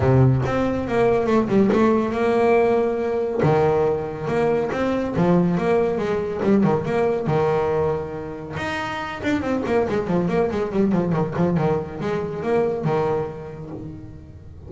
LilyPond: \new Staff \with { instrumentName = "double bass" } { \time 4/4 \tempo 4 = 140 c4 c'4 ais4 a8 g8 | a4 ais2. | dis2 ais4 c'4 | f4 ais4 gis4 g8 dis8 |
ais4 dis2. | dis'4. d'8 c'8 ais8 gis8 f8 | ais8 gis8 g8 f8 dis8 f8 dis4 | gis4 ais4 dis2 | }